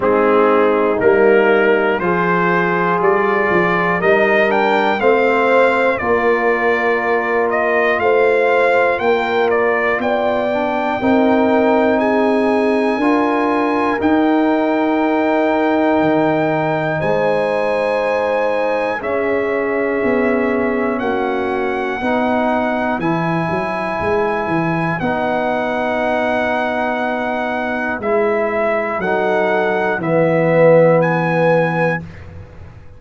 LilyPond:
<<
  \new Staff \with { instrumentName = "trumpet" } { \time 4/4 \tempo 4 = 60 gis'4 ais'4 c''4 d''4 | dis''8 g''8 f''4 d''4. dis''8 | f''4 g''8 d''8 g''2 | gis''2 g''2~ |
g''4 gis''2 e''4~ | e''4 fis''2 gis''4~ | gis''4 fis''2. | e''4 fis''4 e''4 gis''4 | }
  \new Staff \with { instrumentName = "horn" } { \time 4/4 dis'2 gis'2 | ais'4 c''4 ais'2 | c''4 ais'4 d''4 ais'4 | gis'4 ais'2.~ |
ais'4 c''2 gis'4~ | gis'4 fis'4 b'2~ | b'1~ | b'4 a'4 b'2 | }
  \new Staff \with { instrumentName = "trombone" } { \time 4/4 c'4 ais4 f'2 | dis'8 d'8 c'4 f'2~ | f'2~ f'8 d'8 dis'4~ | dis'4 f'4 dis'2~ |
dis'2. cis'4~ | cis'2 dis'4 e'4~ | e'4 dis'2. | e'4 dis'4 b2 | }
  \new Staff \with { instrumentName = "tuba" } { \time 4/4 gis4 g4 f4 g8 f8 | g4 a4 ais2 | a4 ais4 b4 c'4~ | c'4 d'4 dis'2 |
dis4 gis2 cis'4 | b4 ais4 b4 e8 fis8 | gis8 e8 b2. | gis4 fis4 e2 | }
>>